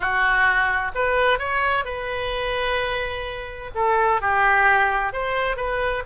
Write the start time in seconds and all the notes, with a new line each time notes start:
0.00 F#4
0.95 B4
1.38 C#5
1.84 B4
3.74 A4
4.21 G4
5.13 C5
5.56 B4